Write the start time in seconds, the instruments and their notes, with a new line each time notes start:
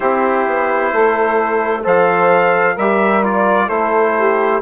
0.00 bassoon C4, trombone E4, saxophone G4, trumpet C5
0.46 bassoon B3
0.92 bassoon A3, saxophone A4
1.83 bassoon F3, trombone A4, saxophone C5, trumpet F5
2.74 bassoon G3, trombone G4, saxophone A#4, trumpet E5
3.23 trombone F4, trumpet D5
3.65 bassoon A3, trombone E4, saxophone A4, trumpet C5
4.16 saxophone G4